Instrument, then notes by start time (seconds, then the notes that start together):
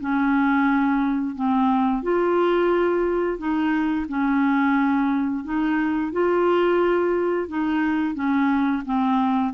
clarinet
0.00 C#4
1.35 C4
2.02 F4
3.38 D#4
4.08 C#4
5.44 D#4
6.12 F4
7.48 D#4
8.14 C#4
8.85 C4